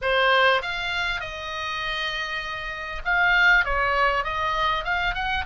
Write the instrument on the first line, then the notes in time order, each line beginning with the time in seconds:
oboe
0.01 C5
0.61 F5
1.20 D#5
3.04 F5
3.64 C#5
4.23 D#5
4.84 F5
5.14 F#5